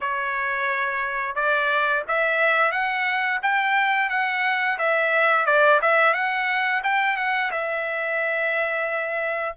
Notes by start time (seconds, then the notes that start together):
0.01 C#5
1.35 D5
2.08 E5
2.71 F#5
3.42 G5
4.09 F#5
4.78 E5
5.45 D5
5.81 E5
6.13 F#5
6.83 G5
7.16 F#5
7.51 E5